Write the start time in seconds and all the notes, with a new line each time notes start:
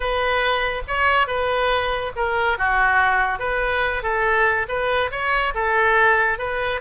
0.00 B4
0.87 C#5
1.27 B4
2.15 A#4
2.57 F#4
3.39 B4
4.03 A4
4.68 B4
5.11 C#5
5.54 A4
6.38 B4